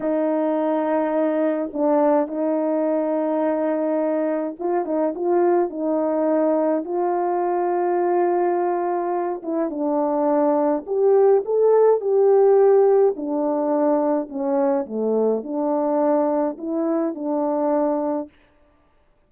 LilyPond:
\new Staff \with { instrumentName = "horn" } { \time 4/4 \tempo 4 = 105 dis'2. d'4 | dis'1 | f'8 dis'8 f'4 dis'2 | f'1~ |
f'8 e'8 d'2 g'4 | a'4 g'2 d'4~ | d'4 cis'4 a4 d'4~ | d'4 e'4 d'2 | }